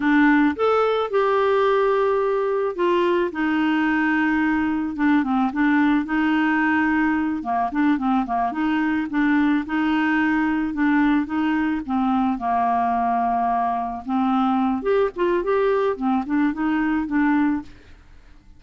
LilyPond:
\new Staff \with { instrumentName = "clarinet" } { \time 4/4 \tempo 4 = 109 d'4 a'4 g'2~ | g'4 f'4 dis'2~ | dis'4 d'8 c'8 d'4 dis'4~ | dis'4. ais8 d'8 c'8 ais8 dis'8~ |
dis'8 d'4 dis'2 d'8~ | d'8 dis'4 c'4 ais4.~ | ais4. c'4. g'8 f'8 | g'4 c'8 d'8 dis'4 d'4 | }